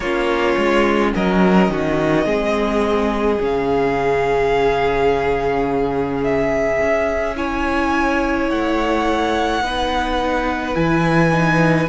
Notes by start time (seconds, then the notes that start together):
0.00 A#3 C#4 F4 C#5
0.57 G#3
1.14 F#3 A#4 D#5
1.68 D#3 F#4
2.24 G#3 C4 G#4
3.39 C#3 C#4 F5
6.23 E5
6.81 C#4
7.35 E4 C#5 G#5
8.50 A3 F#5
9.61 B3 D#4 B4
10.74 E3 E4 G#5
11.31 D#4